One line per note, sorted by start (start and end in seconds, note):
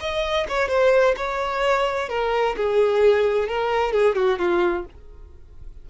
0.00 0.47 D#5
0.49 0.68 C#5
0.68 1.15 C5
1.16 2.09 C#5
2.09 2.56 A#4
2.57 3.48 G#4
3.48 3.92 A#4
3.92 4.16 G#4
4.16 4.38 F#4
4.38 4.85 F4